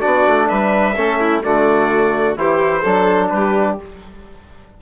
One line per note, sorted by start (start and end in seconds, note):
0.00 0.26 B3
0.00 0.94 D4
0.00 0.48 F#4
0.00 0.47 D5
0.26 0.50 A3
0.48 0.96 G3
0.48 0.95 B4
0.48 1.41 E5
0.96 1.43 A3
0.96 1.43 C#4
0.96 1.19 A4
1.19 1.43 E4
1.43 2.36 D3
1.43 2.36 A3
1.43 2.38 F#4
1.43 2.37 D5
2.36 2.83 E3
2.36 2.83 E4
2.36 2.81 G4
2.36 3.29 C5
2.81 3.31 F#3
2.81 3.78 D4
2.81 3.28 A4
3.29 3.78 G3
3.29 3.81 G4
3.29 3.75 B4